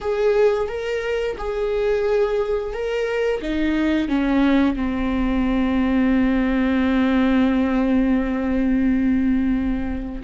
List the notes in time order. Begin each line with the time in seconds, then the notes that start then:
0.01 G#4
0.68 A#4
1.38 G#4
2.73 A#4
3.41 D#4
4.08 C#4
4.76 C4